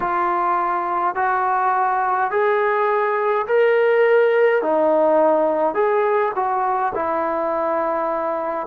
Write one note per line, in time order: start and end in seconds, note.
0.00 1.15 F4
1.15 2.30 F#4
2.31 3.46 G#4
3.46 4.62 A#4
4.62 5.74 D#4
5.74 6.31 G#4
6.35 6.92 F#4
6.94 8.66 E4